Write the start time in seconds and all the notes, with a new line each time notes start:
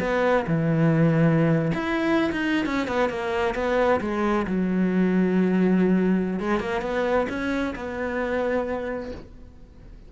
0.00 B3
0.47 E3
1.74 E4
2.32 D#4
2.66 C#4
2.87 B3
3.10 A#3
3.55 B3
4.01 G#3
4.47 F#3
6.40 G#3
6.60 A#3
6.81 B3
7.29 C#4
7.76 B3